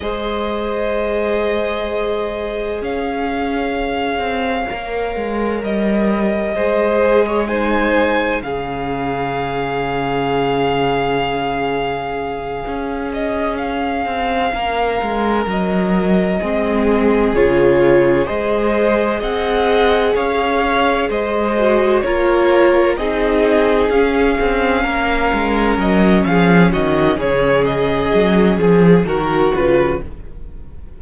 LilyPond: <<
  \new Staff \with { instrumentName = "violin" } { \time 4/4 \tempo 4 = 64 dis''2. f''4~ | f''2 dis''2 | gis''4 f''2.~ | f''2 dis''8 f''4.~ |
f''8 dis''2 cis''4 dis''8~ | dis''8 fis''4 f''4 dis''4 cis''8~ | cis''8 dis''4 f''2 dis''8 | f''8 dis''8 cis''8 dis''4 gis'8 ais'8 b'8 | }
  \new Staff \with { instrumentName = "violin" } { \time 4/4 c''2. cis''4~ | cis''2. c''8. cis''16 | c''4 gis'2.~ | gis'2.~ gis'8 ais'8~ |
ais'4. gis'2 c''8~ | c''8 dis''4 cis''4 c''4 ais'8~ | ais'8 gis'2 ais'4. | gis'8 fis'8 gis'2 fis'4 | }
  \new Staff \with { instrumentName = "viola" } { \time 4/4 gis'1~ | gis'4 ais'2 gis'4 | dis'4 cis'2.~ | cis'1~ |
cis'4. c'4 f'4 gis'8~ | gis'2. fis'8 f'8~ | f'8 dis'4 cis'2~ cis'8~ | cis'2. fis'8 f'8 | }
  \new Staff \with { instrumentName = "cello" } { \time 4/4 gis2. cis'4~ | cis'8 c'8 ais8 gis8 g4 gis4~ | gis4 cis2.~ | cis4. cis'4. c'8 ais8 |
gis8 fis4 gis4 cis4 gis8~ | gis8 c'4 cis'4 gis4 ais8~ | ais8 c'4 cis'8 c'8 ais8 gis8 fis8 | f8 dis8 cis4 fis8 f8 dis8 cis8 | }
>>